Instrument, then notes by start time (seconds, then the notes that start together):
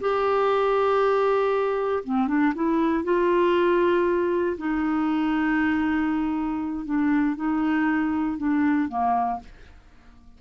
clarinet
0.00 G4
2.04 C4
2.27 D4
2.54 E4
3.04 F4
4.57 D#4
6.85 D4
7.36 D#4
8.37 D4
8.88 A#3